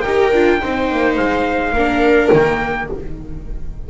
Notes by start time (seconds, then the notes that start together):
0.00 D#4 G4 A#4 G5
0.32 D4 F4
0.60 C4 D#4 C5
0.91 A#3
1.16 G#3 F5
1.72 A#3 D4 A#4
2.32 D#3 A#3 G5